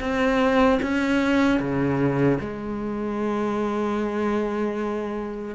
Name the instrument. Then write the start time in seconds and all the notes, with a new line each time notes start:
cello
0.00 C4
0.82 C#4
1.60 C#3
2.40 G#3